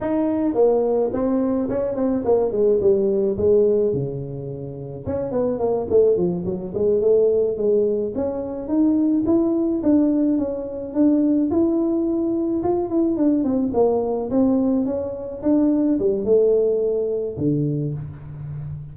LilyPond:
\new Staff \with { instrumentName = "tuba" } { \time 4/4 \tempo 4 = 107 dis'4 ais4 c'4 cis'8 c'8 | ais8 gis8 g4 gis4 cis4~ | cis4 cis'8 b8 ais8 a8 f8 fis8 | gis8 a4 gis4 cis'4 dis'8~ |
dis'8 e'4 d'4 cis'4 d'8~ | d'8 e'2 f'8 e'8 d'8 | c'8 ais4 c'4 cis'4 d'8~ | d'8 g8 a2 d4 | }